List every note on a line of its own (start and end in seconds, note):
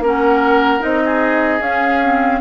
0.00 0.80 A#3
0.00 0.80 C#4
0.00 1.04 A#4
0.00 0.83 F#5
0.80 1.60 C4
0.80 1.60 D#4
0.80 1.62 D#5
1.05 2.41 G#4
1.60 2.40 C#4
1.60 2.01 C#4
1.60 2.41 F5
2.03 2.41 C4